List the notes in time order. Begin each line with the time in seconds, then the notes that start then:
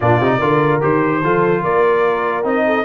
0.00 A#2 D4 F4 D5
0.20 C3 D#4
0.38 D3 F4 A#4
0.81 D#3 G4 C5
1.23 F3 F4 A4
1.63 A#3 A#4 D5
2.43 C4 D#4 D#5
2.65 A4